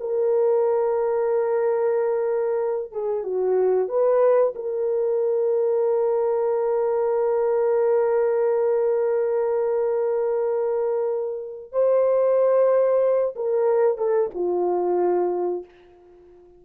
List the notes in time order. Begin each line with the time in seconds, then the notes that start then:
0.00 A#4
2.92 G#4
3.23 F#4
3.88 B4
4.55 A#4
11.72 C5
13.35 A#4
13.97 A4
14.34 F4